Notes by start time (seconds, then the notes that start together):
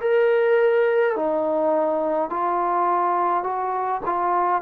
0.00 A#4
1.16 D#4
2.29 F4
3.43 F#4
4.05 F4